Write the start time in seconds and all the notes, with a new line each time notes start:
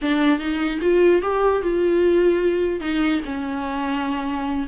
0.01 D4
0.39 D#4
0.81 F4
1.22 G4
1.62 F4
2.80 D#4
3.25 C#4